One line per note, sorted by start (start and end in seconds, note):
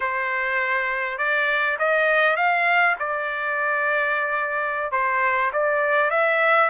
0.00 1.18 C5
1.18 1.77 D5
1.78 2.36 D#5
2.36 2.95 F5
2.99 4.91 D5
4.91 5.51 C5
5.52 6.10 D5
6.10 6.69 E5